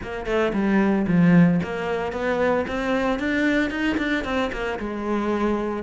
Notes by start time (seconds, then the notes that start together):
0.02 A#3
0.25 A3
0.53 G3
1.07 F3
1.63 A#3
2.12 B3
2.67 C4
3.19 D4
3.70 D#4
3.97 D4
4.24 C4
4.52 A#3
4.79 G#3